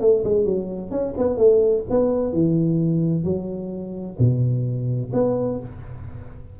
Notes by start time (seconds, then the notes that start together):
0.00 A3
0.24 G#3
0.45 F#3
0.90 C#4
1.17 B3
1.37 A3
1.90 B3
2.33 E3
3.23 F#3
4.18 B2
5.13 B3